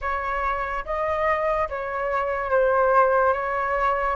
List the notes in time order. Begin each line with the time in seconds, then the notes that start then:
0.01 C#5
0.85 D#5
1.69 C#5
2.50 C5
3.33 C#5